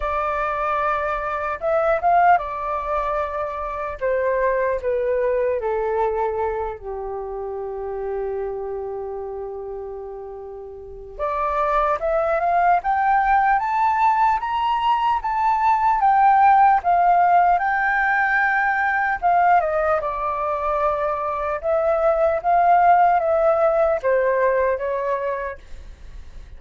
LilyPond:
\new Staff \with { instrumentName = "flute" } { \time 4/4 \tempo 4 = 75 d''2 e''8 f''8 d''4~ | d''4 c''4 b'4 a'4~ | a'8 g'2.~ g'8~ | g'2 d''4 e''8 f''8 |
g''4 a''4 ais''4 a''4 | g''4 f''4 g''2 | f''8 dis''8 d''2 e''4 | f''4 e''4 c''4 cis''4 | }